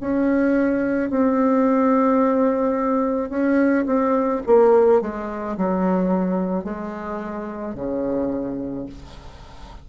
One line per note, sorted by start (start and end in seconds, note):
0.00 1.10 C#4
1.10 3.29 C4
3.29 3.85 C#4
3.86 4.41 C4
4.46 5.02 A#3
5.02 5.57 G#3
5.57 6.64 F#3
6.64 7.75 G#3
7.75 8.86 C#3